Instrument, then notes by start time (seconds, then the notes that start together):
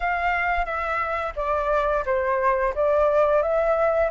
flute
0.00 F5
0.65 E5
1.36 D5
2.05 C5
2.74 D5
3.42 E5